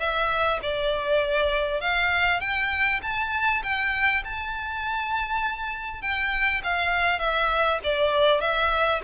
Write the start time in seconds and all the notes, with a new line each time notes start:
0.00 E5
0.63 D5
1.81 F5
2.41 G5
3.03 A5
3.64 G5
4.25 A5
6.02 G5
6.64 F5
7.19 E5
7.84 D5
8.41 E5